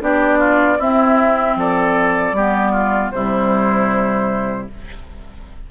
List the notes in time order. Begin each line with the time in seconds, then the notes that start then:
0.00 B3 D4 G4 D5
0.38 F4
0.79 C4 E4 E5
1.55 F3 A4 D5
2.32 G3 B3 G4
2.72 F4
3.11 C3 G3 E4 C5